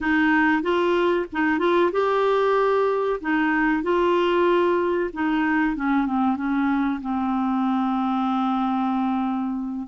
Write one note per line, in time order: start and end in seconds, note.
0.00 0.62 D#4
0.62 1.26 F4
1.32 1.58 D#4
1.58 1.90 F4
1.92 3.19 G4
3.20 3.82 D#4
3.82 5.10 F4
5.13 5.76 D#4
5.76 6.06 C#4
6.06 6.36 C4
6.36 7.00 C#4
7.01 9.87 C4